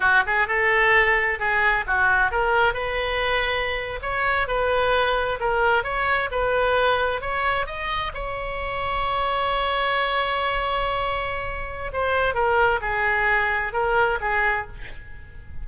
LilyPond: \new Staff \with { instrumentName = "oboe" } { \time 4/4 \tempo 4 = 131 fis'8 gis'8 a'2 gis'4 | fis'4 ais'4 b'2~ | b'8. cis''4 b'2 ais'16~ | ais'8. cis''4 b'2 cis''16~ |
cis''8. dis''4 cis''2~ cis''16~ | cis''1~ | cis''2 c''4 ais'4 | gis'2 ais'4 gis'4 | }